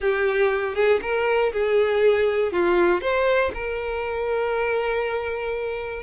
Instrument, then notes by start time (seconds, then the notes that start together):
violin
0.00 G4
0.74 G#4
1.02 A#4
1.52 G#4
2.52 F4
3.01 C5
3.54 A#4